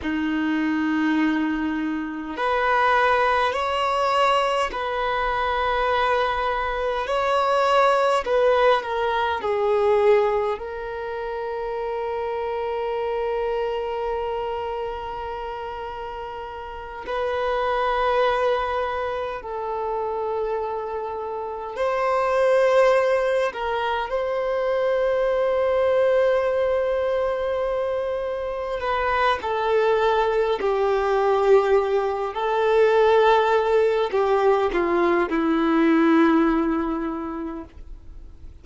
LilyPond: \new Staff \with { instrumentName = "violin" } { \time 4/4 \tempo 4 = 51 dis'2 b'4 cis''4 | b'2 cis''4 b'8 ais'8 | gis'4 ais'2.~ | ais'2~ ais'8 b'4.~ |
b'8 a'2 c''4. | ais'8 c''2.~ c''8~ | c''8 b'8 a'4 g'4. a'8~ | a'4 g'8 f'8 e'2 | }